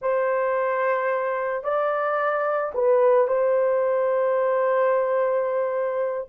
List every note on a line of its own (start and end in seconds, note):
0.01 1.63 C5
1.63 2.72 D5
2.74 3.27 B4
3.27 6.27 C5